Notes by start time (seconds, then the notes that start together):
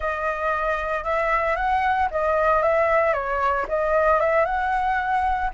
0.00 D#5
1.04 E5
1.56 F#5
2.11 D#5
2.62 E5
3.13 C#5
3.68 D#5
4.20 E5
4.45 F#5